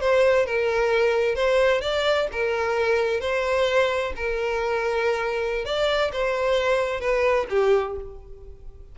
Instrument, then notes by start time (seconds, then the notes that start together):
violin
0.00 C5
0.46 A#4
1.35 C5
1.81 D5
2.32 A#4
3.20 C5
4.16 A#4
5.65 D5
6.12 C5
7.00 B4
7.49 G4